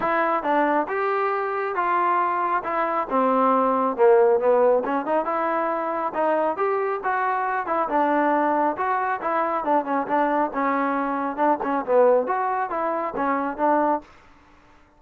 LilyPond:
\new Staff \with { instrumentName = "trombone" } { \time 4/4 \tempo 4 = 137 e'4 d'4 g'2 | f'2 e'4 c'4~ | c'4 ais4 b4 cis'8 dis'8 | e'2 dis'4 g'4 |
fis'4. e'8 d'2 | fis'4 e'4 d'8 cis'8 d'4 | cis'2 d'8 cis'8 b4 | fis'4 e'4 cis'4 d'4 | }